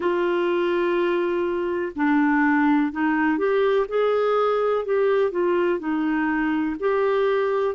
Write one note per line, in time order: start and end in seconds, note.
0.00 1.92 F4
1.95 2.92 D4
2.92 3.38 D#4
3.38 3.86 G4
3.88 4.85 G#4
4.85 5.31 G4
5.31 5.78 F4
5.78 6.75 D#4
6.79 7.75 G4